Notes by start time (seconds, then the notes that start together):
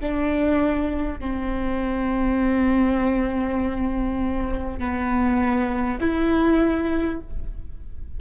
0.00 D4
1.19 C4
4.79 B3
6.01 E4